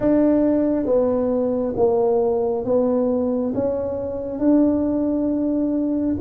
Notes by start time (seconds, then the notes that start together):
0.00 D4
0.85 B3
1.76 A#3
2.65 B3
3.54 C#4
4.39 D4